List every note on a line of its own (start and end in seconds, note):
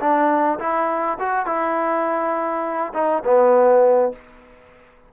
0.00 0.59 D4
0.59 1.18 E4
1.20 1.46 F#4
1.46 2.93 E4
2.94 3.23 D#4
3.24 4.13 B3